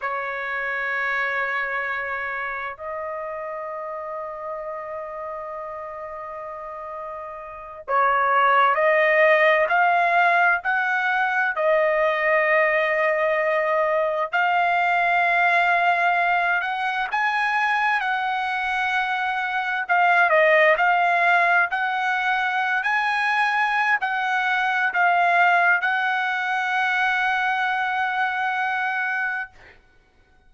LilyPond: \new Staff \with { instrumentName = "trumpet" } { \time 4/4 \tempo 4 = 65 cis''2. dis''4~ | dis''1~ | dis''8 cis''4 dis''4 f''4 fis''8~ | fis''8 dis''2. f''8~ |
f''2 fis''8 gis''4 fis''8~ | fis''4. f''8 dis''8 f''4 fis''8~ | fis''8. gis''4~ gis''16 fis''4 f''4 | fis''1 | }